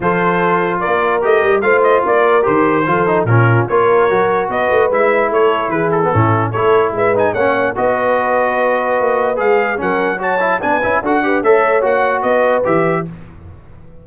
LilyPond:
<<
  \new Staff \with { instrumentName = "trumpet" } { \time 4/4 \tempo 4 = 147 c''2 d''4 dis''4 | f''8 dis''8 d''4 c''2 | ais'4 cis''2 dis''4 | e''4 cis''4 b'8 a'4. |
cis''4 e''8 gis''8 fis''4 dis''4~ | dis''2. f''4 | fis''4 a''4 gis''4 fis''4 | e''4 fis''4 dis''4 e''4 | }
  \new Staff \with { instrumentName = "horn" } { \time 4/4 a'2 ais'2 | c''4 ais'2 a'4 | f'4 ais'2 b'4~ | b'4 a'4 gis'4 e'4 |
a'4 b'4 cis''4 b'4~ | b'1 | ais'4 cis''4 b'4 a'8 b'8 | cis''2 b'2 | }
  \new Staff \with { instrumentName = "trombone" } { \time 4/4 f'2. g'4 | f'2 g'4 f'8 dis'8 | cis'4 f'4 fis'2 | e'2~ e'8. b16 cis'4 |
e'4. dis'8 cis'4 fis'4~ | fis'2. gis'4 | cis'4 fis'8 e'8 d'8 e'8 fis'8 g'8 | a'4 fis'2 g'4 | }
  \new Staff \with { instrumentName = "tuba" } { \time 4/4 f2 ais4 a8 g8 | a4 ais4 dis4 f4 | ais,4 ais4 fis4 b8 a8 | gis4 a4 e4 a,4 |
a4 gis4 ais4 b4~ | b2 ais4 gis4 | fis2 b8 cis'8 d'4 | a4 ais4 b4 e4 | }
>>